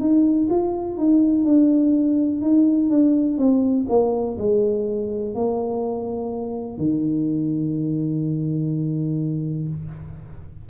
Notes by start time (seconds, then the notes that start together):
0.00 D#4
0.50 F4
0.97 D#4
1.45 D4
2.41 D#4
2.90 D4
3.38 C4
3.89 A#3
4.38 G#3
5.34 A#3
6.78 D#3